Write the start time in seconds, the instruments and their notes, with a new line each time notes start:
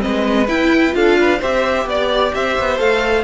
0.00 cello G#3, viola C4, violin B4 D#5
0.49 cello E4, viola E4, violin G5
0.91 cello D4, viola F4, violin A4 F5
1.20 violin B4
1.39 cello C4, viola G4, violin C5 E5
1.86 cello B3, violin D5
1.92 violin D5
2.35 cello C4, violin C5 E5
2.60 cello B3
2.78 cello A3, viola A4, violin F5